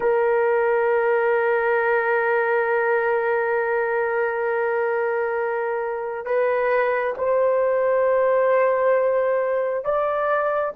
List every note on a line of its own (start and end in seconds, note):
0.00 6.24 A#4
6.24 7.14 B4
7.17 9.84 C5
9.84 10.74 D5